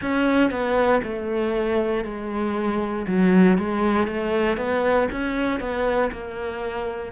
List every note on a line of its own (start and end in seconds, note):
0.01 0.50 C#4
0.50 1.01 B3
1.03 2.04 A3
2.04 3.06 G#3
3.07 3.58 F#3
3.58 4.07 G#3
4.07 4.57 A3
4.57 5.08 B3
5.11 5.59 C#4
5.59 6.10 B3
6.12 7.12 A#3